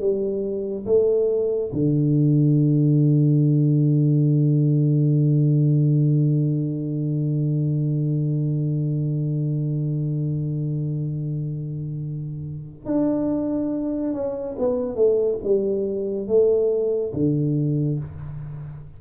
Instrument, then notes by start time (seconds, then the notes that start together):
tuba
0.00 G3
0.86 A3
1.73 D3
12.85 D4
14.13 C#4
14.59 B3
14.95 A3
15.44 G3
16.27 A3
17.14 D3